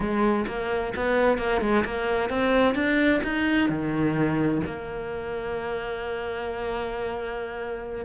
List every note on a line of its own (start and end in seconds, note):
0.00 0.46 G#3
0.47 0.93 A#3
0.96 1.38 B3
1.38 1.61 A#3
1.61 1.84 G#3
1.85 2.29 A#3
2.29 2.74 C4
2.74 3.21 D4
3.23 3.69 D#4
3.69 4.61 D#3
4.66 8.05 A#3